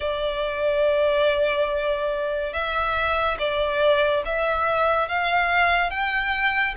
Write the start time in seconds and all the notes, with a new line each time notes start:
0.00 D5
2.53 E5
3.38 D5
4.25 E5
5.08 F5
5.90 G5